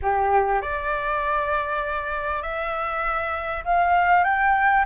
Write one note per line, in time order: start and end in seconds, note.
0.02 0.61 G4
0.61 2.42 D5
2.42 3.63 E5
3.64 4.24 F5
4.24 4.84 G5